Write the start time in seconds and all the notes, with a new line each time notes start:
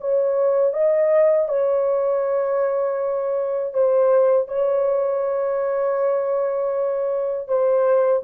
0.00 C#5
0.73 D#5
1.48 C#5
3.73 C5
4.48 C#5
7.48 C5